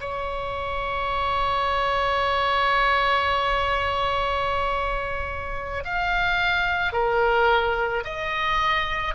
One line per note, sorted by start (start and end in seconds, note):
0.00 5.83 C#5
5.84 6.92 F5
6.92 8.04 A#4
8.04 9.14 D#5